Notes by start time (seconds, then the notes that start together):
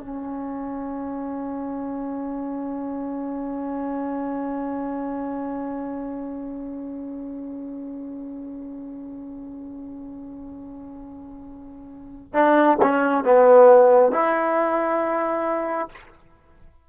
0.00 C#4
12.34 D4
12.82 C#4
13.24 B3
14.12 E4